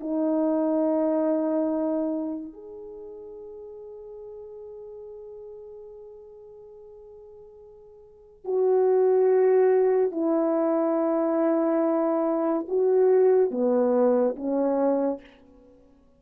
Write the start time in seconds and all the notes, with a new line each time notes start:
0.00 D#4
2.53 G#4
8.45 F#4
10.11 E4
12.68 F#4
13.51 B3
14.36 C#4